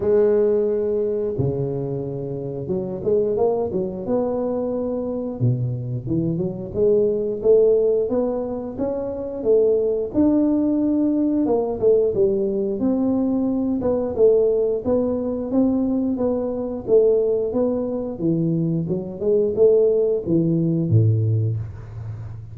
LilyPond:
\new Staff \with { instrumentName = "tuba" } { \time 4/4 \tempo 4 = 89 gis2 cis2 | fis8 gis8 ais8 fis8 b2 | b,4 e8 fis8 gis4 a4 | b4 cis'4 a4 d'4~ |
d'4 ais8 a8 g4 c'4~ | c'8 b8 a4 b4 c'4 | b4 a4 b4 e4 | fis8 gis8 a4 e4 a,4 | }